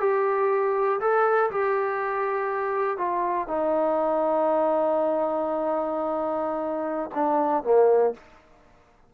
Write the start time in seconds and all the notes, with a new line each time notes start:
0.00 G4
1.00 A4
1.51 G4
2.98 F4
3.47 D#4
7.15 D4
7.64 A#3